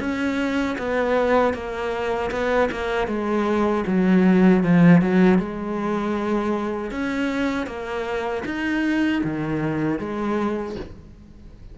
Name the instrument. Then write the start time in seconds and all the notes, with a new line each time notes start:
cello
0.00 C#4
0.78 B3
1.54 A#3
2.31 B3
2.71 A#3
3.07 G#3
3.87 F#3
4.63 F3
5.01 F#3
5.38 G#3
6.91 C#4
7.66 A#3
8.45 D#4
9.24 D#3
9.99 G#3